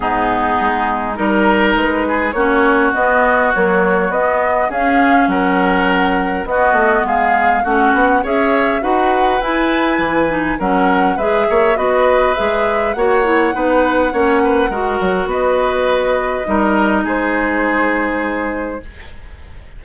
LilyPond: <<
  \new Staff \with { instrumentName = "flute" } { \time 4/4 \tempo 4 = 102 gis'2 ais'4 b'4 | cis''4 dis''4 cis''4 dis''4 | f''4 fis''2 dis''4 | f''4 fis''4 e''4 fis''4 |
gis''2 fis''4 e''4 | dis''4 e''4 fis''2~ | fis''2 dis''2~ | dis''4 c''2. | }
  \new Staff \with { instrumentName = "oboe" } { \time 4/4 dis'2 ais'4. gis'8 | fis'1 | gis'4 ais'2 fis'4 | gis'4 fis'4 cis''4 b'4~ |
b'2 ais'4 b'8 cis''8 | b'2 cis''4 b'4 | cis''8 b'8 ais'4 b'2 | ais'4 gis'2. | }
  \new Staff \with { instrumentName = "clarinet" } { \time 4/4 b2 dis'2 | cis'4 b4 fis4 b4 | cis'2. b4~ | b4 cis'4 gis'4 fis'4 |
e'4. dis'8 cis'4 gis'4 | fis'4 gis'4 fis'8 e'8 dis'4 | cis'4 fis'2. | dis'1 | }
  \new Staff \with { instrumentName = "bassoon" } { \time 4/4 gis,4 gis4 g4 gis4 | ais4 b4 ais4 b4 | cis'4 fis2 b8 a8 | gis4 a8 b8 cis'4 dis'4 |
e'4 e4 fis4 gis8 ais8 | b4 gis4 ais4 b4 | ais4 gis8 fis8 b2 | g4 gis2. | }
>>